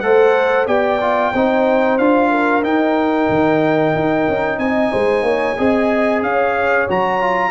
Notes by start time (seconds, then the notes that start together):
0.00 A3 A4 C5 F#5
0.66 B3 G4 D5 G5
1.00 F4
1.33 C4 D#4 C5
1.98 D4 F4 F5
2.30 A#4
2.63 D#4 G5
3.29 D#3
3.95 D#4
4.28 C#4
4.58 C4 D#5 G#5
4.92 G#3 C5
5.22 A#3 C#5
5.58 C4 G#4 D#5
6.22 C#4 C#5 F5
6.88 F#3 F#4 A#5
7.20 F4